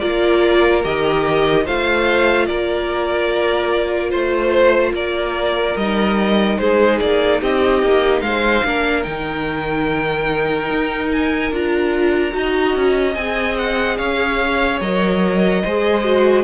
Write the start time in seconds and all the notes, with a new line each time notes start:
0.00 A#3 F4 A#4 D5
0.83 D#3 G4 D#5
1.65 A3 F4 C5 F5
2.46 A#3 A#4 D5
4.10 A3 C5
4.93 A#3 A#4 D5
5.76 G3 D#4 D#5
6.58 G#3 G#4 C5
7.00 A#3 D5
7.41 C4 G4 D#5
7.83 A#3
8.21 G#3 C5 F5
8.64 A#3 D4 A#4
9.03 D#3 D#4 G5
10.70 D#4
11.12 G#5
11.52 D4 F4 A#5
12.31 D#4 F#4
12.37 D#5
12.76 C#4
13.15 C4 G#4 G#5
13.58 F#5
13.98 C#4 C#5 F5
14.81 F#3 A#4 D#5
15.63 G#3 G#4 C5
16.04 F#4